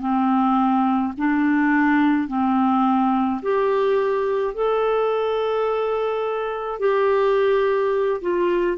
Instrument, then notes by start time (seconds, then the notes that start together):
clarinet
0.00 C4
1.18 D4
2.28 C4
3.43 G4
4.54 A4
6.80 G4
8.22 F4